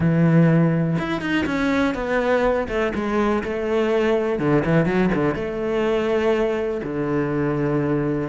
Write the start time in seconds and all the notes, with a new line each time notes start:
0.00 E3
0.98 E4
1.21 D#4
1.45 C#4
1.94 B3
2.68 A3
2.94 G#3
3.43 A3
4.39 D3
4.65 E3
4.85 F#3
5.14 D3
5.34 A3
6.83 D3